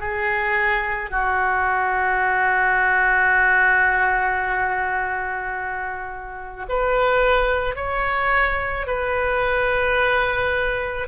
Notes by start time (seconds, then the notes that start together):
0.00 G#4
1.11 F#4
6.69 B4
7.76 C#5
8.87 B4